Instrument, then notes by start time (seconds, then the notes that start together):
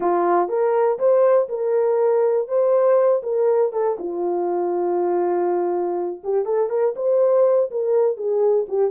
horn
0.00 F4
0.48 A#4
0.98 C5
1.48 A#4
2.47 C5
3.22 A#4
3.72 A4
3.98 F4
6.23 G4
6.45 A4
6.69 A#4
6.96 C5
7.71 A#4
8.16 G#4
8.68 G4